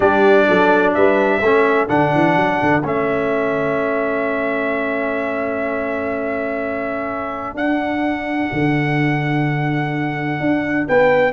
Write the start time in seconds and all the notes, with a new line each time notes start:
0.00 G3 D4 G4 D5
0.48 F#3 A4
0.94 G3 B4 E5
1.40 A3 C#4 A4
1.87 D3 D4 F#5
2.14 E3
2.36 F#3
2.62 D3
2.84 A3 C#4 E5
7.54 D4 F#5
8.52 D3
10.40 D4
10.88 B3 B4 G5